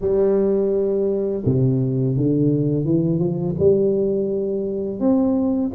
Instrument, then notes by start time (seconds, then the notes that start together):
tuba
0.00 G3
1.45 C3
2.17 D3
2.84 E3
3.19 F3
3.59 G3
4.99 C4